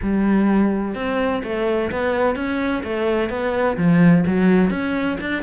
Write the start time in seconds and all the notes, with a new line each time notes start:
0.02 G3
0.94 C4
1.43 A3
1.91 B3
2.35 C#4
2.83 A3
3.29 B3
3.77 F3
4.26 F#3
4.70 C#4
5.20 D4